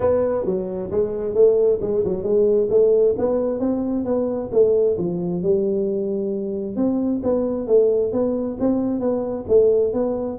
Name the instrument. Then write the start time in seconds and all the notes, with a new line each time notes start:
tuba
0.00 B3
0.45 F#3
0.90 G#3
1.34 A3
1.81 G#3
2.04 F#3
2.23 G#3
2.70 A3
3.17 B3
3.59 C4
4.05 B3
4.51 A3
4.97 F3
5.42 G3
6.76 C4
7.23 B3
7.67 A3
8.12 B3
8.59 C4
8.99 B3
9.48 A3
9.93 B3